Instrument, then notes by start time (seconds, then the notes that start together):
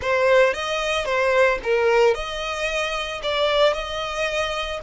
violin
0.01 C5
0.53 D#5
1.05 C5
1.63 A#4
2.14 D#5
3.22 D5
3.73 D#5